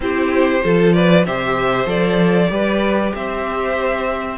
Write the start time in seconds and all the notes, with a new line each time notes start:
0.00 C4 E4 G4 C5
0.61 F3 F4 A4
0.93 B4 D5
1.25 C3 G4 C5 E5
1.85 F3 A4 D5
2.48 G3 G4 B4
3.14 C4 C5 E5